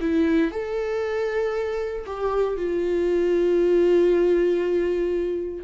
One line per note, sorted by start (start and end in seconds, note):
0.00 0.51 E4
0.51 2.04 A4
2.06 2.56 G4
2.56 5.64 F4